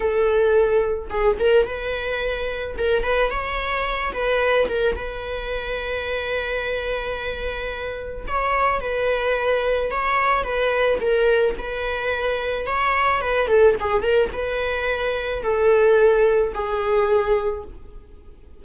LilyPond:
\new Staff \with { instrumentName = "viola" } { \time 4/4 \tempo 4 = 109 a'2 gis'8 ais'8 b'4~ | b'4 ais'8 b'8 cis''4. b'8~ | b'8 ais'8 b'2.~ | b'2. cis''4 |
b'2 cis''4 b'4 | ais'4 b'2 cis''4 | b'8 a'8 gis'8 ais'8 b'2 | a'2 gis'2 | }